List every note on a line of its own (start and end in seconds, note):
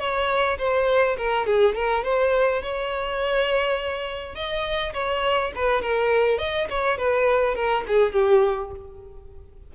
0.00 0.58 C#5
0.59 1.17 C5
1.18 1.46 A#4
1.46 1.75 G#4
1.75 2.04 A#4
2.04 2.62 C5
2.62 4.35 C#5
4.35 4.94 D#5
4.94 5.52 C#5
5.56 5.82 B4
5.82 6.38 A#4
6.38 6.68 D#5
6.70 6.98 C#5
6.98 7.55 B4
7.55 7.84 A#4
7.88 8.13 G#4
8.13 8.71 G4